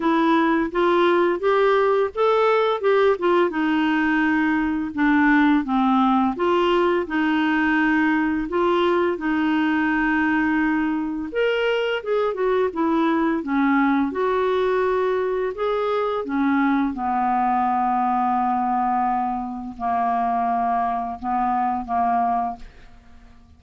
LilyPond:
\new Staff \with { instrumentName = "clarinet" } { \time 4/4 \tempo 4 = 85 e'4 f'4 g'4 a'4 | g'8 f'8 dis'2 d'4 | c'4 f'4 dis'2 | f'4 dis'2. |
ais'4 gis'8 fis'8 e'4 cis'4 | fis'2 gis'4 cis'4 | b1 | ais2 b4 ais4 | }